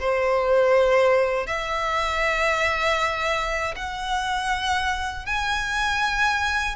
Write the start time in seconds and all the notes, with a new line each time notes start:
0.00 C5
1.47 E5
3.76 F#5
5.26 G#5